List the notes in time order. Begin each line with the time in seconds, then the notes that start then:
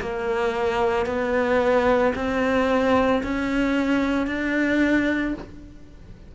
0.00 A#3
1.06 B3
2.15 C4
3.23 C#4
4.27 D4